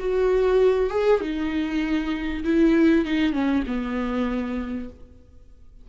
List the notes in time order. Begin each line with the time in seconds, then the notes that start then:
0.00 F#4
0.91 G#4
1.22 D#4
2.45 E4
3.06 D#4
3.33 C#4
3.67 B3